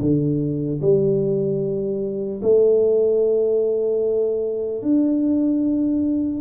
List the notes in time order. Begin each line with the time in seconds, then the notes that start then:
0.00 D3
0.81 G3
2.42 A3
4.82 D4